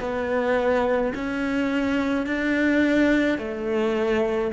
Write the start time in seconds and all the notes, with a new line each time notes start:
0.00 B3
1.15 C#4
2.26 D4
3.39 A3